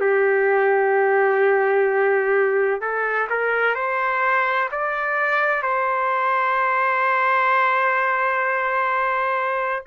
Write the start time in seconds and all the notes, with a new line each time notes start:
0.00 G4
2.80 A4
3.29 A#4
3.75 C5
4.71 D5
5.62 C5